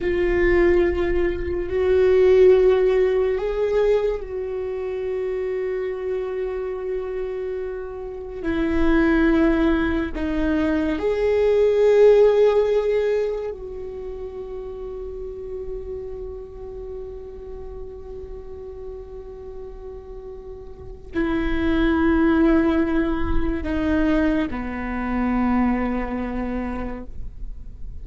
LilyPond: \new Staff \with { instrumentName = "viola" } { \time 4/4 \tempo 4 = 71 f'2 fis'2 | gis'4 fis'2.~ | fis'2 e'2 | dis'4 gis'2. |
fis'1~ | fis'1~ | fis'4 e'2. | dis'4 b2. | }